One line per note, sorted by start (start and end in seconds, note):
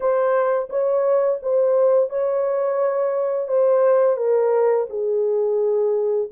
0.00 0.68 C5
0.69 1.39 C#5
1.42 2.09 C5
2.09 3.48 C#5
3.48 4.16 C5
4.16 4.86 A#4
4.89 6.29 G#4